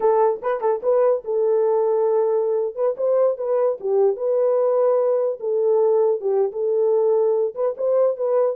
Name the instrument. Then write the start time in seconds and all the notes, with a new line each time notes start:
horn
0.00 A4
0.42 B4
0.60 A4
0.82 B4
1.24 A4
2.75 B4
2.97 C5
3.37 B4
3.80 G4
4.16 B4
5.40 A4
6.20 G4
6.52 A4
7.54 B4
7.77 C5
8.16 B4